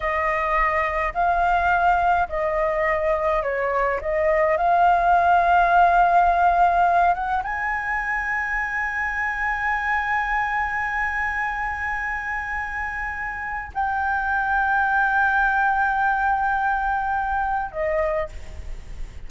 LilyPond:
\new Staff \with { instrumentName = "flute" } { \time 4/4 \tempo 4 = 105 dis''2 f''2 | dis''2 cis''4 dis''4 | f''1~ | f''8 fis''8 gis''2.~ |
gis''1~ | gis''1 | g''1~ | g''2. dis''4 | }